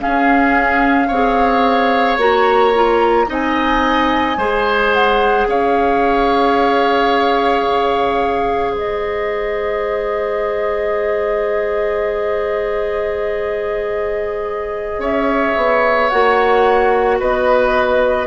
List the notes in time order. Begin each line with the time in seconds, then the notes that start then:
0.00 C#4 G#4 F5
1.07 C4 G#4 C#5
2.17 A#3 F#4 A#5
2.75 F4
3.27 C4 D#4 D#5 G#5
4.37 G#3 G#4 C5
4.93 F#5
5.47 C#4 C#5 F5
7.66 C#3
8.72 G#3 C5 D#5
14.98 C#4 C#5 E5
15.56 B3
16.09 A#3 F#4 F#5
17.20 B3 B4 D#5